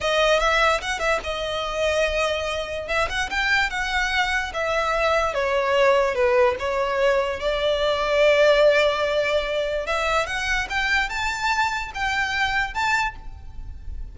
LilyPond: \new Staff \with { instrumentName = "violin" } { \time 4/4 \tempo 4 = 146 dis''4 e''4 fis''8 e''8 dis''4~ | dis''2. e''8 fis''8 | g''4 fis''2 e''4~ | e''4 cis''2 b'4 |
cis''2 d''2~ | d''1 | e''4 fis''4 g''4 a''4~ | a''4 g''2 a''4 | }